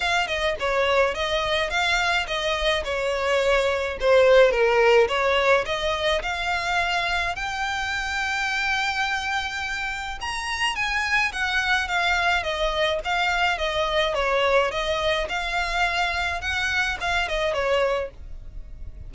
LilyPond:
\new Staff \with { instrumentName = "violin" } { \time 4/4 \tempo 4 = 106 f''8 dis''8 cis''4 dis''4 f''4 | dis''4 cis''2 c''4 | ais'4 cis''4 dis''4 f''4~ | f''4 g''2.~ |
g''2 ais''4 gis''4 | fis''4 f''4 dis''4 f''4 | dis''4 cis''4 dis''4 f''4~ | f''4 fis''4 f''8 dis''8 cis''4 | }